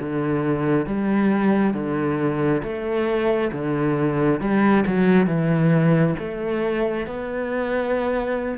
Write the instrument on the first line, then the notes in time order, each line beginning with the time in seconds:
cello
0.00 D3
0.86 G3
1.74 D3
2.63 A3
3.52 D3
4.40 G3
4.86 F#3
5.27 E3
6.18 A3
7.07 B3